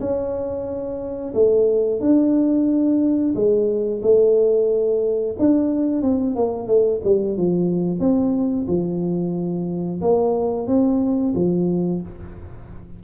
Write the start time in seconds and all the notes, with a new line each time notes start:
0.00 C#4
1.34 A3
2.01 D4
3.35 G#3
4.03 A3
5.39 D4
6.02 C4
6.36 A#3
6.67 A3
7.04 G3
7.37 F3
8.00 C4
8.68 F3
10.01 A#3
10.67 C4
11.35 F3